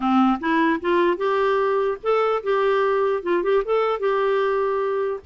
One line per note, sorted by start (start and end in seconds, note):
0.00 0.38 C4
0.40 0.80 E4
0.81 1.17 F4
1.17 1.97 G4
2.02 2.43 A4
2.43 3.23 G4
3.23 3.43 F4
3.43 3.63 G4
3.65 3.99 A4
3.99 5.20 G4